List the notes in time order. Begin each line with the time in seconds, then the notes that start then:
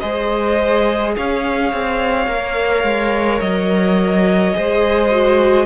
0.00 G#3 G#4 C5 D#5
1.17 C#4 C#5 F5
1.73 C4
2.27 A#3 A#4
2.84 G#3
3.41 F#3 D#5
4.54 G#3 G#4 C5
5.11 F#4